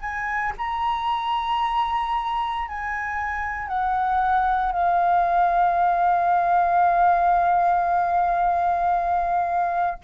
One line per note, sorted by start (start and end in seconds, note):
0.00 0.53 G#5
0.58 2.68 A#5
2.68 3.67 G#5
3.67 4.72 F#5
4.72 9.98 F5